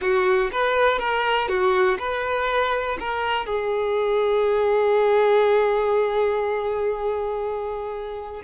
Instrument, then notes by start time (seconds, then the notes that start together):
violin
0.01 F#4
0.52 B4
0.98 A#4
1.48 F#4
1.98 B4
2.99 A#4
3.46 G#4